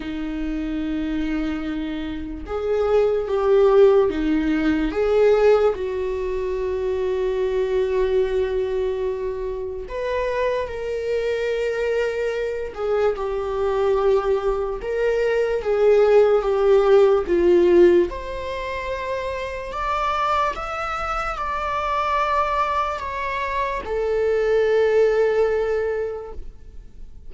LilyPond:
\new Staff \with { instrumentName = "viola" } { \time 4/4 \tempo 4 = 73 dis'2. gis'4 | g'4 dis'4 gis'4 fis'4~ | fis'1 | b'4 ais'2~ ais'8 gis'8 |
g'2 ais'4 gis'4 | g'4 f'4 c''2 | d''4 e''4 d''2 | cis''4 a'2. | }